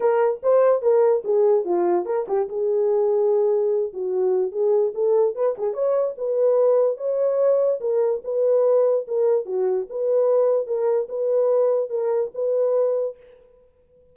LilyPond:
\new Staff \with { instrumentName = "horn" } { \time 4/4 \tempo 4 = 146 ais'4 c''4 ais'4 gis'4 | f'4 ais'8 g'8 gis'2~ | gis'4. fis'4. gis'4 | a'4 b'8 gis'8 cis''4 b'4~ |
b'4 cis''2 ais'4 | b'2 ais'4 fis'4 | b'2 ais'4 b'4~ | b'4 ais'4 b'2 | }